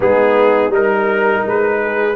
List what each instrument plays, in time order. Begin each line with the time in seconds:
0.00 tuba G#3, trombone B3, horn D#4, trumpet G#4
0.68 tuba G3, trombone D#4, horn A#4, trumpet A#4
1.46 tuba G#3, trumpet B4
1.84 horn G#4